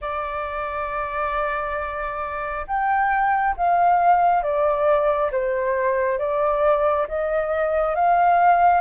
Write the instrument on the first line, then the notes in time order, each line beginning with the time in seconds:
flute
0.01 D5
2.67 G5
3.56 F5
4.42 D5
5.31 C5
6.18 D5
7.07 D#5
7.95 F5